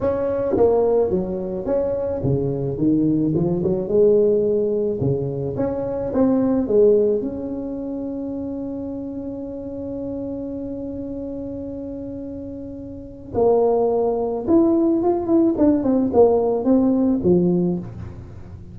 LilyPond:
\new Staff \with { instrumentName = "tuba" } { \time 4/4 \tempo 4 = 108 cis'4 ais4 fis4 cis'4 | cis4 dis4 f8 fis8 gis4~ | gis4 cis4 cis'4 c'4 | gis4 cis'2.~ |
cis'1~ | cis'1 | ais2 e'4 f'8 e'8 | d'8 c'8 ais4 c'4 f4 | }